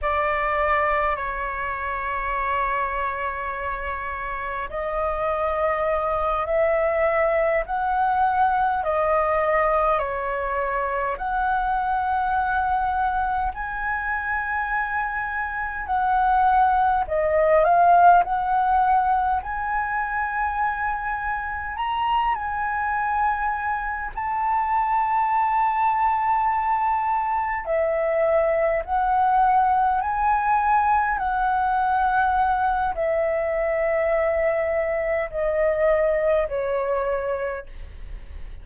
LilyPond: \new Staff \with { instrumentName = "flute" } { \time 4/4 \tempo 4 = 51 d''4 cis''2. | dis''4. e''4 fis''4 dis''8~ | dis''8 cis''4 fis''2 gis''8~ | gis''4. fis''4 dis''8 f''8 fis''8~ |
fis''8 gis''2 ais''8 gis''4~ | gis''8 a''2. e''8~ | e''8 fis''4 gis''4 fis''4. | e''2 dis''4 cis''4 | }